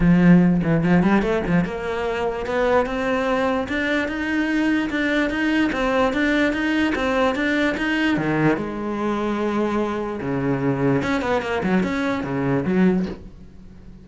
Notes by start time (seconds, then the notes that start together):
0.00 F3
0.63 E3
0.83 F3
1.02 G3
1.22 A3
1.46 F3
1.64 A#3
2.45 B3
2.86 C4
3.68 D4
4.08 D#4
4.90 D4
5.29 D#4
5.72 C4
6.13 D4
6.53 D#4
6.95 C4
7.35 D4
7.77 D#4
8.17 D#3
8.56 G#3
10.21 C#3
11.02 C#4
11.21 B3
11.42 A#3
11.63 F#3
11.83 C#4
12.23 C#3
12.65 F#3